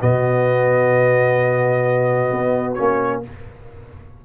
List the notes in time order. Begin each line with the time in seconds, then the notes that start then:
0.00 B2 B3 F#4 D#5
2.31 B3
2.74 A#3 C#4 C#5